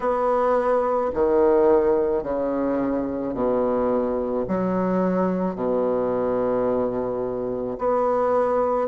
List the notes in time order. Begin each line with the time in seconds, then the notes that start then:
0.00 B3
1.14 D#3
2.23 C#3
3.33 B2
4.47 F#3
5.55 B2
7.78 B3